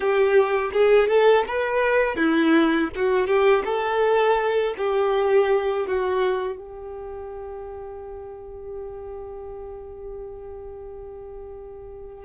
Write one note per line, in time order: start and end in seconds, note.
0.00 0.71 G4
0.72 1.07 G#4
1.07 1.44 A4
1.47 2.16 B4
2.16 2.89 E4
2.95 3.26 F#4
3.26 3.63 G4
3.65 4.74 A4
4.77 5.87 G4
5.87 6.57 F#4
6.57 12.24 G4